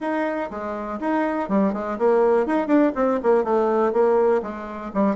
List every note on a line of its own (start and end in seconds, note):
0.00 0.49 D#4
0.50 0.99 G#3
1.00 1.48 D#4
1.48 1.73 G3
1.73 1.97 G#3
1.98 2.46 A#3
2.46 2.67 D#4
2.67 2.92 D4
2.95 3.20 C4
3.22 3.44 A#3
3.44 3.92 A3
3.92 4.42 A#3
4.42 4.91 G#3
4.93 5.15 G3